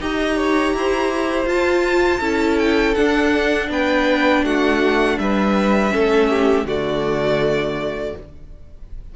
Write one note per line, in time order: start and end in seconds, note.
0.00 0.73 D#4
0.00 1.46 G4
0.00 0.36 D#5
0.00 1.48 A#5
0.36 0.73 C#5
0.73 1.45 E4
0.73 2.20 C5
1.45 2.19 F4
1.45 2.20 F4
1.45 2.58 A5
2.20 2.94 C#4
2.20 2.95 E4
2.20 3.68 A4
2.58 2.94 G5
2.94 5.90 D4
2.94 3.69 D4
2.94 3.68 F#5
3.69 4.43 B3
3.69 4.44 B4
3.69 4.44 G5
4.43 5.17 A3
4.43 5.19 F#4
4.43 5.18 F#5
5.18 5.92 G3
5.18 5.93 B4
5.18 6.66 E5
5.90 6.64 A3
5.90 6.64 C#4
5.90 6.29 A4
6.29 6.66 G4
6.64 8.12 D3
6.64 8.15 A3
6.64 8.14 F#4
6.64 8.16 D5